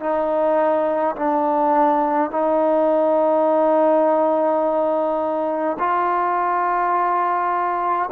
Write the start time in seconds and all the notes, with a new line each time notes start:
0.00 D#4
1.16 D4
2.31 D#4
5.79 F4